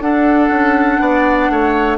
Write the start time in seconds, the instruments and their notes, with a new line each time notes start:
0.00 bassoon D4, clarinet D4, oboe A4, flute F#5
0.50 bassoon C#4
1.00 bassoon B3, oboe D5
1.50 bassoon A3, oboe C#5